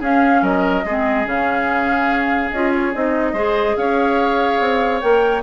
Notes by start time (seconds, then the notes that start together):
0.00 C#4 G#4 F5
0.42 F#3 A#4 D#5
0.85 G#3 C4 G#4
1.25 C#3 C#4 F5
2.51 C#4 F4 D#5
2.75 C#5
2.94 C4 D#4 D#5
3.33 G#3 G#4 C5
3.77 C#4 C#5 F5
4.60 C4
5.01 A#3 A#4 G5